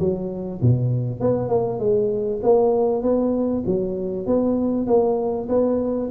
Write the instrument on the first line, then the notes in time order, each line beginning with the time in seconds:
tuba
0.00 F#3
0.62 B2
1.21 B3
1.49 A#3
1.79 G#3
2.43 A#3
3.03 B3
3.67 F#3
4.27 B3
4.87 A#3
5.49 B3